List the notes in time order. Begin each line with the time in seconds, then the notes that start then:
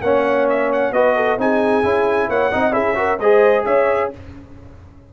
0.00 A#3 C#4 C#5 F#5
0.49 E5
0.72 F#5
0.91 B3 F#4 B4 D#5
1.16 A4
1.37 C4 D#4 G#4 G#5
1.82 C#4 E4
2.28 A#3 C#5 F#5
2.51 C4 D#4 D#5
2.71 C#4 E4 G#4 E5
2.94 F#4 A#4
3.18 G#3 G#4 C5 D#5
3.65 C#4 C#5 E5